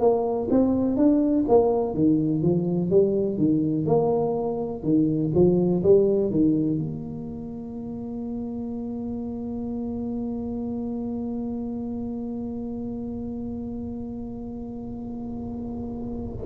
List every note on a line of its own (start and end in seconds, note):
0.00 0.48 A#3
0.50 0.97 C4
0.97 1.45 D4
1.48 1.94 A#3
1.94 2.42 D#3
2.42 2.90 F3
2.90 3.38 G3
3.38 3.86 D#3
3.86 4.83 A#3
4.83 5.31 D#3
5.34 5.83 F3
5.83 6.31 G3
6.31 6.78 D#3
6.78 16.46 A#3